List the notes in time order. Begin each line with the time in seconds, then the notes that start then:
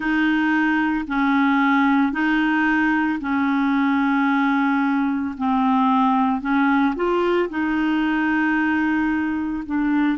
0.00 D#4
1.07 C#4
2.12 D#4
3.20 C#4
5.37 C4
6.40 C#4
6.95 F4
7.49 D#4
9.65 D4